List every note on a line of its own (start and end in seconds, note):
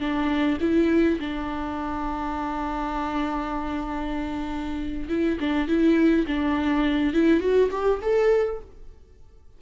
0.00 0.58 D4
0.61 1.19 E4
1.20 5.09 D4
5.09 5.39 E4
5.40 5.68 D4
5.68 6.26 E4
6.27 7.14 D4
7.14 7.41 E4
7.41 7.70 F#4
7.71 8.00 G4
8.02 8.61 A4